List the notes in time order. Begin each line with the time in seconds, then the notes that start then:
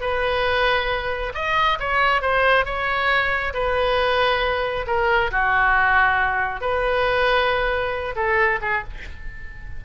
0.00 B4
1.34 D#5
1.79 C#5
2.21 C5
2.65 C#5
3.53 B4
4.86 A#4
5.31 F#4
6.61 B4
8.15 A4
8.61 G#4